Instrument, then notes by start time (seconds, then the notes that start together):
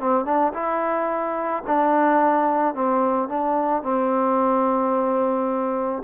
trombone
0.00 C4
0.25 D4
0.54 E4
1.67 D4
2.75 C4
3.29 D4
3.83 C4